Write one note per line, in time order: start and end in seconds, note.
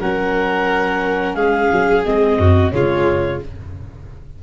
0.00 1.36 F#3
0.00 2.05 C#4
0.00 1.36 A#4
0.00 1.35 F#5
1.35 1.70 G#3
1.35 2.38 G#4
1.35 2.03 F5
1.72 2.06 F#3
2.05 2.38 G#3
2.05 2.72 C4
2.05 2.72 D#5
2.38 2.72 F#2
2.38 2.73 F#4
2.72 3.41 C#3
2.72 3.40 G#3
2.72 3.43 F4
2.72 3.40 C#5